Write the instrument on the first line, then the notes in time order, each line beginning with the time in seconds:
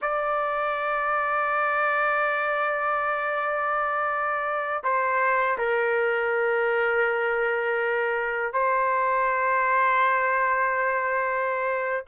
trumpet
0.01 D5
4.83 C5
5.58 A#4
8.53 C5